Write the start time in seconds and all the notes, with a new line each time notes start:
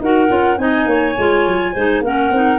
0.00 D#4 F#4 A#4 F#5
0.28 C#4 F4
0.58 C4 D#4 D#5 G#5
0.86 A#3 C#5
1.18 G#3 F4
1.47 F#3
1.73 G#3 D#4 C5
2.01 A#3 C#4 A#4 F#5
2.30 C4 D#4